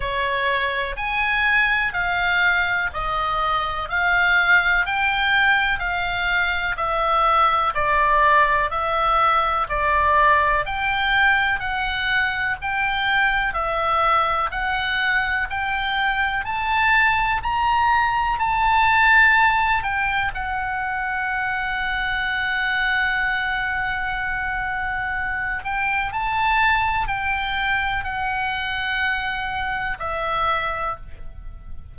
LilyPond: \new Staff \with { instrumentName = "oboe" } { \time 4/4 \tempo 4 = 62 cis''4 gis''4 f''4 dis''4 | f''4 g''4 f''4 e''4 | d''4 e''4 d''4 g''4 | fis''4 g''4 e''4 fis''4 |
g''4 a''4 ais''4 a''4~ | a''8 g''8 fis''2.~ | fis''2~ fis''8 g''8 a''4 | g''4 fis''2 e''4 | }